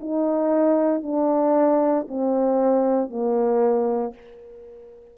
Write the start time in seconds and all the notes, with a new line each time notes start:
0.00 D#4
1.02 D4
2.08 C4
3.09 A#3